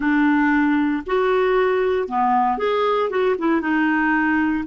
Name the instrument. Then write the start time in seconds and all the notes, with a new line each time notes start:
clarinet
0.00 D4
1.06 F#4
2.08 B3
2.58 G#4
3.09 F#4
3.38 E4
3.61 D#4